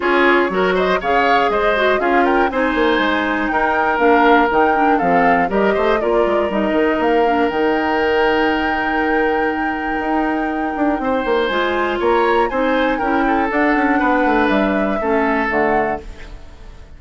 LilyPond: <<
  \new Staff \with { instrumentName = "flute" } { \time 4/4 \tempo 4 = 120 cis''4. dis''8 f''4 dis''4 | f''8 g''8 gis''2 g''4 | f''4 g''4 f''4 dis''4 | d''4 dis''4 f''4 g''4~ |
g''1~ | g''2. gis''4 | ais''4 gis''4 g''4 fis''4~ | fis''4 e''2 fis''4 | }
  \new Staff \with { instrumentName = "oboe" } { \time 4/4 gis'4 ais'8 c''8 cis''4 c''4 | gis'8 ais'8 c''2 ais'4~ | ais'2 a'4 ais'8 c''8 | ais'1~ |
ais'1~ | ais'2 c''2 | cis''4 c''4 ais'8 a'4. | b'2 a'2 | }
  \new Staff \with { instrumentName = "clarinet" } { \time 4/4 f'4 fis'4 gis'4. fis'8 | f'4 dis'2. | d'4 dis'8 d'8 c'4 g'4 | f'4 dis'4. d'8 dis'4~ |
dis'1~ | dis'2. f'4~ | f'4 dis'4 e'4 d'4~ | d'2 cis'4 a4 | }
  \new Staff \with { instrumentName = "bassoon" } { \time 4/4 cis'4 fis4 cis4 gis4 | cis'4 c'8 ais8 gis4 dis'4 | ais4 dis4 f4 g8 a8 | ais8 gis8 g8 dis8 ais4 dis4~ |
dis1 | dis'4. d'8 c'8 ais8 gis4 | ais4 c'4 cis'4 d'8 cis'8 | b8 a8 g4 a4 d4 | }
>>